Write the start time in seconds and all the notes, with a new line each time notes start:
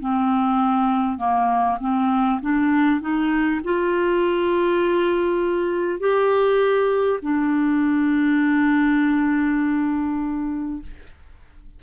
0.00 C4
1.17 A#3
1.80 C4
2.41 D4
3.00 D#4
3.64 F4
5.99 G4
7.22 D4